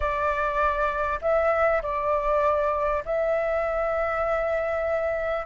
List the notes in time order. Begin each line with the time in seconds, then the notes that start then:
0.00 D5
1.21 E5
1.82 D5
3.05 E5